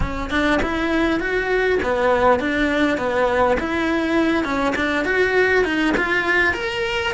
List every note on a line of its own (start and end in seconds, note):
0.00 0.30 C#4
0.30 0.60 D4
0.62 1.19 E4
1.19 1.79 F#4
1.82 2.39 B3
2.39 2.97 D4
2.97 3.57 B3
3.59 4.44 E4
4.44 4.74 C#4
4.75 5.05 D4
5.05 5.64 F#4
5.64 5.94 D#4
5.97 6.53 F4
6.53 7.13 A#4